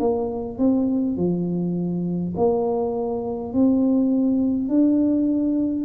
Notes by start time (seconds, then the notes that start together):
0.00 A#3
0.59 C4
1.17 F3
2.37 A#3
3.53 C4
4.69 D4